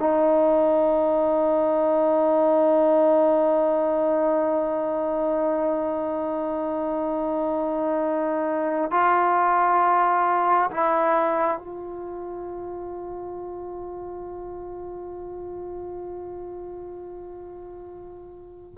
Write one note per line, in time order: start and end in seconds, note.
0.00 8.91 D#4
8.91 10.71 F4
10.71 11.58 E4
11.58 18.75 F4